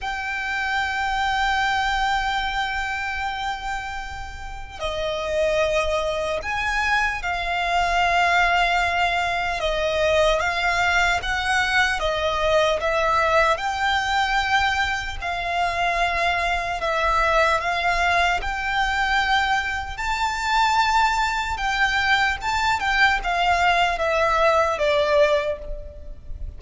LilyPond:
\new Staff \with { instrumentName = "violin" } { \time 4/4 \tempo 4 = 75 g''1~ | g''2 dis''2 | gis''4 f''2. | dis''4 f''4 fis''4 dis''4 |
e''4 g''2 f''4~ | f''4 e''4 f''4 g''4~ | g''4 a''2 g''4 | a''8 g''8 f''4 e''4 d''4 | }